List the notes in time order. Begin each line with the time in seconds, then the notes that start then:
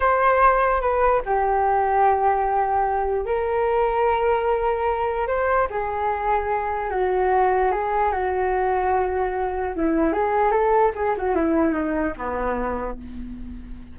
0.00 C5
0.81 B4
1.25 G4
3.25 A#4
5.27 C5
5.69 G#4
6.90 F#4
7.71 G#4
8.12 F#4
9.75 E4
10.12 G#4
10.51 A4
10.95 G#4
11.17 F#4
11.35 E4
11.73 D#4
12.17 B3